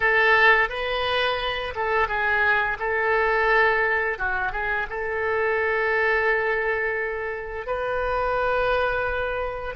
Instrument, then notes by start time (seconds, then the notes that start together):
oboe
0.00 A4
0.69 B4
1.75 A4
2.07 G#4
2.79 A4
4.18 F#4
4.52 G#4
4.89 A4
7.66 B4